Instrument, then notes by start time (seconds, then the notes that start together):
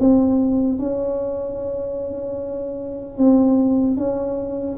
tuba
0.00 C4
0.79 C#4
3.17 C4
3.97 C#4